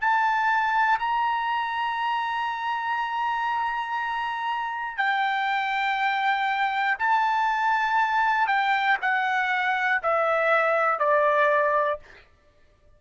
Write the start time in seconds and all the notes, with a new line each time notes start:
0.00 A5
0.98 A#5
4.97 G5
6.98 A5
8.47 G5
9.01 F#5
10.03 E5
10.99 D5